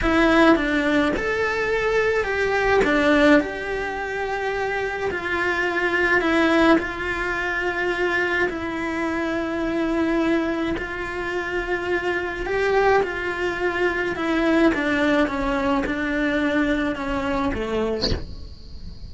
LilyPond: \new Staff \with { instrumentName = "cello" } { \time 4/4 \tempo 4 = 106 e'4 d'4 a'2 | g'4 d'4 g'2~ | g'4 f'2 e'4 | f'2. e'4~ |
e'2. f'4~ | f'2 g'4 f'4~ | f'4 e'4 d'4 cis'4 | d'2 cis'4 a4 | }